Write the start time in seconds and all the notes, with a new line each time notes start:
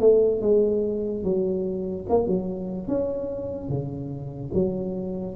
0.00 A3
0.41 G#3
1.24 F#3
2.10 A#3
2.28 F#3
2.88 C#4
3.69 C#3
4.54 F#3